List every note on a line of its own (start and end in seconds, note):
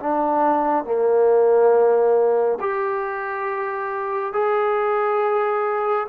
0.00 0.85 D4
0.85 2.58 A#3
2.60 4.33 G4
4.33 6.07 G#4